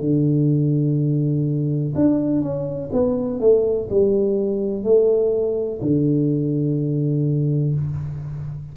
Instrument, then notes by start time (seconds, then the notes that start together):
tuba
0.00 D3
1.95 D4
2.41 C#4
2.93 B3
3.40 A3
3.90 G3
4.83 A3
5.82 D3